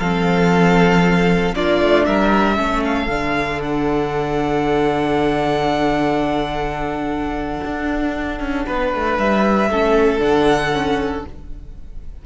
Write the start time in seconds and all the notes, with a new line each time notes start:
0.00 F3 C4 A4 F5
1.56 A#3 D4 F4 D5
1.82 A3
2.06 G3 A#4 E5
2.57 A3 C#4 A4
2.85 F5
3.08 D3 D4
3.62 F#5
7.65 D4
8.40 C#4
8.67 B3 B4
8.95 A3
9.19 G3 E5
9.70 A3 C#4 A4
10.20 D3 D4 F#5
10.73 C#4